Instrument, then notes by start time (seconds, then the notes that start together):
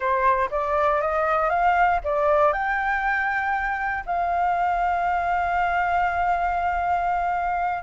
flute
0.00 C5
0.50 D5
1.01 D#5
1.49 F5
2.04 D5
2.52 G5
4.06 F5